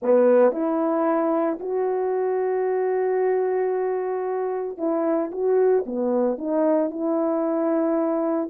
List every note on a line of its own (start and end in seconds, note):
0.02 0.52 B3
0.52 1.58 E4
1.60 4.77 F#4
4.77 5.30 E4
5.31 5.84 F#4
5.86 6.38 B3
6.38 6.90 D#4
6.90 8.49 E4